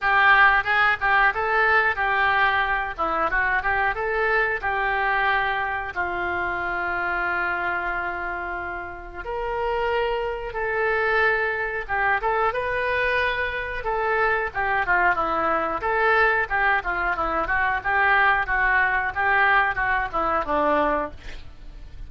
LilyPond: \new Staff \with { instrumentName = "oboe" } { \time 4/4 \tempo 4 = 91 g'4 gis'8 g'8 a'4 g'4~ | g'8 e'8 fis'8 g'8 a'4 g'4~ | g'4 f'2.~ | f'2 ais'2 |
a'2 g'8 a'8 b'4~ | b'4 a'4 g'8 f'8 e'4 | a'4 g'8 f'8 e'8 fis'8 g'4 | fis'4 g'4 fis'8 e'8 d'4 | }